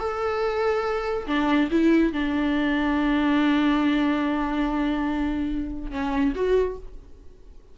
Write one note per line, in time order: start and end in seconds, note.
0.00 1.27 A4
1.27 1.70 D4
1.71 2.13 E4
2.13 5.91 D4
5.91 6.34 C#4
6.36 6.78 F#4